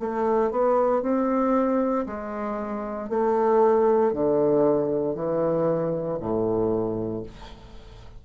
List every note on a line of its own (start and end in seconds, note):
0.00 0.51 A3
0.51 1.03 B3
1.03 2.06 C4
2.06 3.10 G#3
3.10 4.13 A3
4.13 5.15 D3
5.15 6.19 E3
6.20 7.24 A2